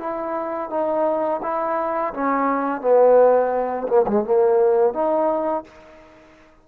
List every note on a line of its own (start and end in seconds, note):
0.00 0.70 E4
0.70 1.41 D#4
1.43 2.13 E4
2.14 2.82 C#4
2.82 3.88 B3
3.88 4.06 A#3
4.07 4.25 G#3
4.25 4.94 A#3
4.94 5.65 D#4